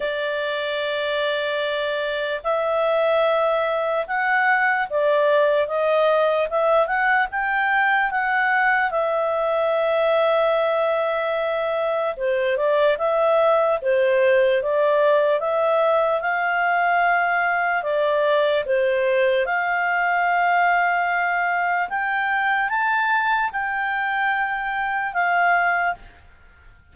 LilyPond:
\new Staff \with { instrumentName = "clarinet" } { \time 4/4 \tempo 4 = 74 d''2. e''4~ | e''4 fis''4 d''4 dis''4 | e''8 fis''8 g''4 fis''4 e''4~ | e''2. c''8 d''8 |
e''4 c''4 d''4 e''4 | f''2 d''4 c''4 | f''2. g''4 | a''4 g''2 f''4 | }